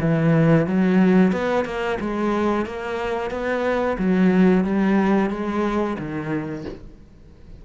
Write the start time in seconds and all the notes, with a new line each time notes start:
0.00 E3
0.67 F#3
1.32 B3
1.65 A#3
2.00 G#3
2.66 A#3
3.31 B3
3.98 F#3
4.64 G3
5.30 G#3
5.98 D#3